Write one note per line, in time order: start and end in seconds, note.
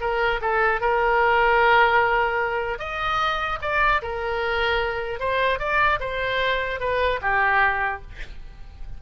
0.00 0.40 A#4
0.41 0.80 A4
0.80 2.78 A#4
2.78 3.58 D#5
3.61 4.01 D5
4.01 5.19 A#4
5.19 5.59 C5
5.59 5.99 D5
6.00 6.80 C5
6.80 7.20 B4
7.21 8.01 G4